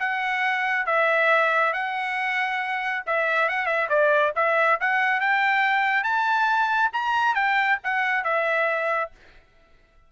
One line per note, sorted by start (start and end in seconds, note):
0.00 0.87 F#5
0.87 1.74 E5
1.74 3.04 F#5
3.07 3.49 E5
3.49 3.66 F#5
3.66 3.88 E5
3.89 4.33 D5
4.36 4.79 E5
4.81 5.21 F#5
5.21 6.04 G5
6.04 6.91 A5
6.93 7.35 A#5
7.35 7.79 G5
7.84 8.24 F#5
8.24 9.11 E5